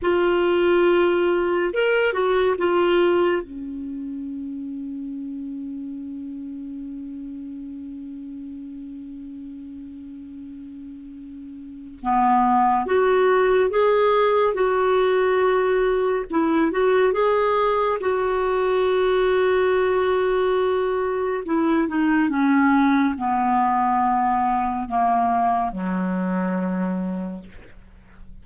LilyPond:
\new Staff \with { instrumentName = "clarinet" } { \time 4/4 \tempo 4 = 70 f'2 ais'8 fis'8 f'4 | cis'1~ | cis'1~ | cis'2 b4 fis'4 |
gis'4 fis'2 e'8 fis'8 | gis'4 fis'2.~ | fis'4 e'8 dis'8 cis'4 b4~ | b4 ais4 fis2 | }